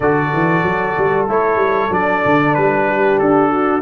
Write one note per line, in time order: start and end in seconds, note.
0.00 0.31 D3
0.00 1.28 F#4
0.00 2.86 A4
0.00 1.26 D5
0.33 0.62 E3
0.62 0.94 F#3
0.97 1.28 G3
1.28 1.56 A3
1.28 1.90 E4
1.28 1.93 C#5
1.56 1.87 G3
1.90 2.22 F#3
1.90 3.81 D4
1.90 2.54 D5
2.25 2.56 D3
2.54 3.19 G3
2.54 3.18 B4
2.87 3.50 G4
3.18 3.81 D4
3.18 3.81 A4
3.50 3.81 F#4